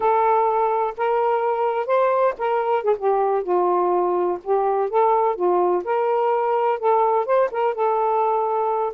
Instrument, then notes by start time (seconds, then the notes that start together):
saxophone
0.00 A4
0.97 A#4
1.86 C5
2.38 A#4
2.83 G#4
2.98 G4
3.43 F4
4.43 G4
4.89 A4
5.35 F4
5.84 A#4
6.79 A4
7.25 C5
7.51 A#4
7.74 A4